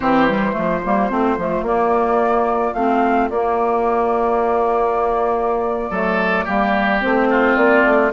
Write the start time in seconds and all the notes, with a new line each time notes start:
0.00 E3 C4 G4 C5
0.28 G3
0.52 F3 A3 F4
0.84 G3 A#3
1.09 A3 C4
1.37 F3 A3
1.62 A#3 D5
2.73 A3 C4 F5
3.29 A#3 D5
5.89 F#3 A3 A4
6.44 G3 A#3 G4
7.00 A3 C4 C5
7.29 F4
7.56 A#3 D5
7.84 A3